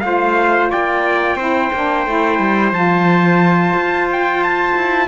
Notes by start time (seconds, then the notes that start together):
0.00 A3 F4 F5
0.06 C5
0.71 A#3 D5 G5
1.36 C4 E4 C5
1.74 A#3 D4
2.07 A3 E4
2.40 G3
2.72 F3 F4 A5
3.74 F4
4.12 G5
4.44 A5
4.76 E4